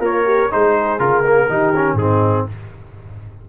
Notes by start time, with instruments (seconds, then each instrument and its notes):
0.00 tuba A#3, horn F4, trombone A#4, trumpet C#5
0.25 horn G4
0.52 tuba G#3, trombone D#4, horn G#4, trumpet C5
0.99 tuba C#3, trombone F4, trumpet A#4
1.25 trombone A#3
1.49 tuba D#3, trombone D#4, horn G4
1.76 trombone C#4
1.94 tuba G#2, horn D#4, trumpet G#4
2.00 trombone C4